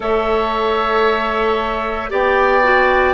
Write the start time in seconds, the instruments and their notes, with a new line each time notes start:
0.00 bassoon A3, clarinet A4, oboe C#5, flute E5
2.10 bassoon B3, clarinet G4, oboe D5, flute G5
2.63 clarinet F#4